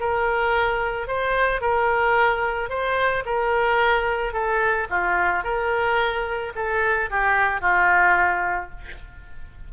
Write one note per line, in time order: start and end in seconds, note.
0.00 1.07 A#4
1.07 1.61 C5
1.61 2.70 A#4
2.70 3.24 C5
3.26 4.33 A#4
4.33 4.88 A4
4.90 5.44 F4
5.44 6.53 A#4
6.56 7.10 A4
7.10 7.61 G4
7.61 8.70 F4